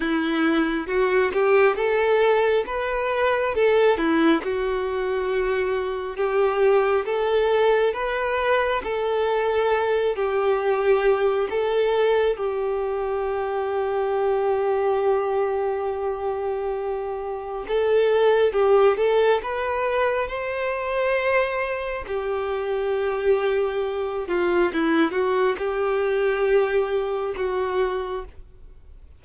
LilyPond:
\new Staff \with { instrumentName = "violin" } { \time 4/4 \tempo 4 = 68 e'4 fis'8 g'8 a'4 b'4 | a'8 e'8 fis'2 g'4 | a'4 b'4 a'4. g'8~ | g'4 a'4 g'2~ |
g'1 | a'4 g'8 a'8 b'4 c''4~ | c''4 g'2~ g'8 f'8 | e'8 fis'8 g'2 fis'4 | }